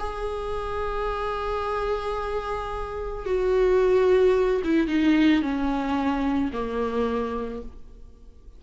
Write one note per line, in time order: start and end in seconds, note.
0.00 3.26 G#4
3.26 4.62 F#4
4.65 4.88 E4
4.88 5.42 D#4
5.42 6.52 C#4
6.54 7.63 A#3